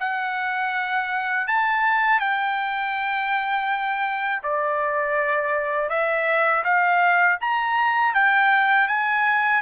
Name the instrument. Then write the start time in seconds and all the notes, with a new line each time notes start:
trumpet
0.00 F#5
1.47 A5
2.20 G5
4.43 D5
5.89 E5
6.64 F5
7.41 A#5
8.14 G5
8.88 G#5